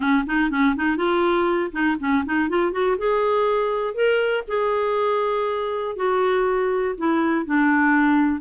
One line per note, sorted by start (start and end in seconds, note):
0.00 0.25 C#4
0.26 0.50 D#4
0.50 0.75 C#4
0.76 0.97 D#4
0.97 1.71 F4
1.72 1.96 D#4
1.99 2.24 C#4
2.25 2.49 D#4
2.49 2.72 F4
2.72 2.97 F#4
2.98 3.94 G#4
3.94 4.43 A#4
4.47 5.96 G#4
5.96 6.95 F#4
6.97 7.45 E4
7.45 8.40 D4